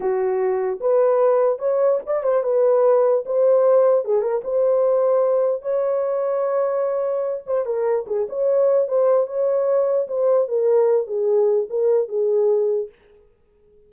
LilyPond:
\new Staff \with { instrumentName = "horn" } { \time 4/4 \tempo 4 = 149 fis'2 b'2 | cis''4 d''8 c''8 b'2 | c''2 gis'8 ais'8 c''4~ | c''2 cis''2~ |
cis''2~ cis''8 c''8 ais'4 | gis'8 cis''4. c''4 cis''4~ | cis''4 c''4 ais'4. gis'8~ | gis'4 ais'4 gis'2 | }